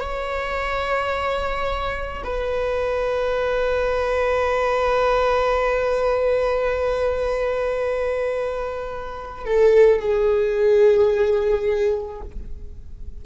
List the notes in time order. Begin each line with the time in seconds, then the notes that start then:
0.00 C#5
2.23 B4
9.45 A4
9.99 G#4